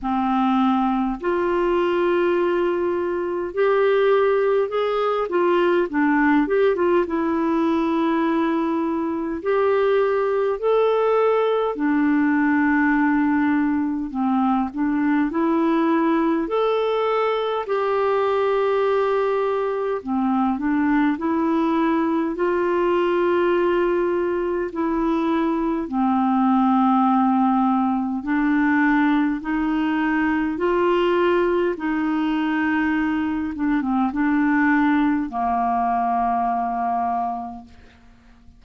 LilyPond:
\new Staff \with { instrumentName = "clarinet" } { \time 4/4 \tempo 4 = 51 c'4 f'2 g'4 | gis'8 f'8 d'8 g'16 f'16 e'2 | g'4 a'4 d'2 | c'8 d'8 e'4 a'4 g'4~ |
g'4 c'8 d'8 e'4 f'4~ | f'4 e'4 c'2 | d'4 dis'4 f'4 dis'4~ | dis'8 d'16 c'16 d'4 ais2 | }